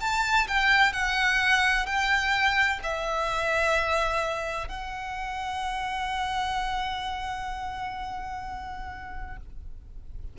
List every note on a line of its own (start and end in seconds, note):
0.00 0.47 A5
0.47 0.92 G5
0.92 1.86 F#5
1.86 2.80 G5
2.83 4.68 E5
4.68 9.37 F#5